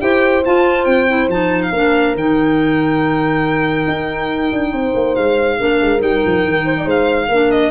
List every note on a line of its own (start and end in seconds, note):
0.00 0.45 E4
0.00 0.43 G4
0.00 1.71 C5
0.00 0.43 G5
0.45 1.08 F4
0.45 0.85 F4
0.45 0.85 A5
0.85 1.28 C4
0.85 1.27 G5
1.08 1.29 E4
1.28 1.71 F3
1.28 1.73 D#4
1.28 1.62 A5
1.62 2.15 F5
1.71 2.14 A#3
1.71 2.17 D4
1.71 4.71 A#4
2.14 3.85 D#3
2.14 5.59 D#4
2.14 5.15 G5
3.87 4.51 D#4
4.52 4.72 D4
4.72 4.93 C4
4.72 5.57 C5
4.95 5.16 A#3
5.15 5.60 G#3
5.15 6.00 F5
5.59 5.81 A#3
5.59 5.98 D4
5.59 6.65 A#4
5.81 6.01 G#3
5.98 6.22 G3
5.98 7.27 D#4
5.98 6.88 G5
6.25 6.44 F3
6.44 6.85 D#3
6.65 6.75 C5
6.77 6.85 D5
6.85 7.28 G#3
6.85 7.28 C5
6.85 7.51 F5
7.28 7.71 A#3
7.28 7.71 D4
7.28 7.71 A#4
7.51 7.71 D#5